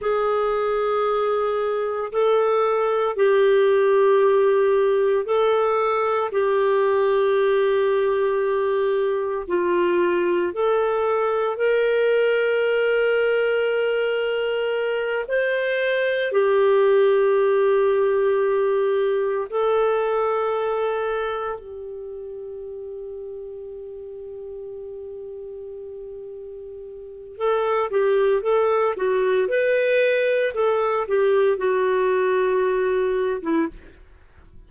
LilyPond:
\new Staff \with { instrumentName = "clarinet" } { \time 4/4 \tempo 4 = 57 gis'2 a'4 g'4~ | g'4 a'4 g'2~ | g'4 f'4 a'4 ais'4~ | ais'2~ ais'8 c''4 g'8~ |
g'2~ g'8 a'4.~ | a'8 g'2.~ g'8~ | g'2 a'8 g'8 a'8 fis'8 | b'4 a'8 g'8 fis'4.~ fis'16 e'16 | }